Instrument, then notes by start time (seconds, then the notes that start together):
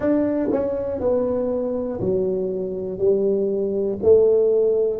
tuba
0.00 D4
0.51 C#4
1.00 B3
2.00 F#3
2.98 G3
4.02 A3